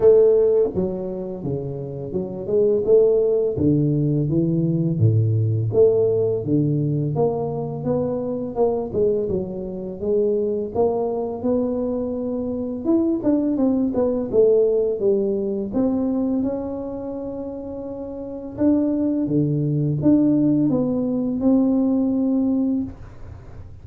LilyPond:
\new Staff \with { instrumentName = "tuba" } { \time 4/4 \tempo 4 = 84 a4 fis4 cis4 fis8 gis8 | a4 d4 e4 a,4 | a4 d4 ais4 b4 | ais8 gis8 fis4 gis4 ais4 |
b2 e'8 d'8 c'8 b8 | a4 g4 c'4 cis'4~ | cis'2 d'4 d4 | d'4 b4 c'2 | }